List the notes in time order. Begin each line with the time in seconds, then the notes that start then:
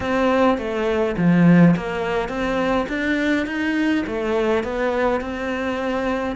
0.00 C4
0.58 A3
1.17 F3
1.76 A#3
2.28 C4
2.88 D4
3.46 D#4
4.06 A3
4.63 B3
5.21 C4